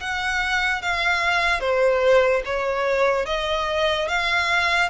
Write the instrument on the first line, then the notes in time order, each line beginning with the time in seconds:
violin
0.00 F#5
0.82 F5
1.60 C5
2.45 C#5
3.26 D#5
4.08 F5